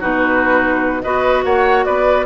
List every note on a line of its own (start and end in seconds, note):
0.00 1.04 B2
0.00 1.03 D#4
0.00 1.02 F#4
0.00 1.02 B4
1.02 1.44 B3
1.02 2.26 F#4
1.02 1.44 B4
1.02 1.43 D#5
1.44 1.85 A#3
1.44 1.86 C#5
1.44 1.84 F#5
1.84 2.26 B3
1.84 2.26 B4
1.84 2.25 D5